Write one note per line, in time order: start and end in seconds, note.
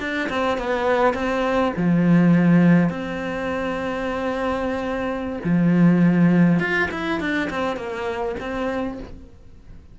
0.00 0.29 D4
0.30 0.58 C4
0.58 1.14 B3
1.14 1.73 C4
1.77 2.90 F3
2.90 5.40 C4
5.44 6.60 F3
6.60 6.89 F4
6.91 7.20 E4
7.20 7.50 D4
7.51 7.77 C4
7.77 8.36 A#3
8.40 8.99 C4